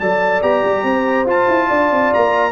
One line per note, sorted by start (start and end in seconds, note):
0.00 0.43 F#3
0.00 0.42 A4
0.00 0.85 D5
0.00 0.42 A5
0.42 0.64 B3
0.42 1.26 G4
0.42 1.27 A#5
0.65 0.83 G3
0.83 1.26 C4
0.83 1.68 C5
1.26 1.47 F4
1.26 2.52 F4
1.26 2.14 A5
1.48 1.69 E4
1.68 1.91 D4
1.68 2.52 D5
1.91 2.12 C4
2.14 2.52 A#3
2.14 2.52 A#5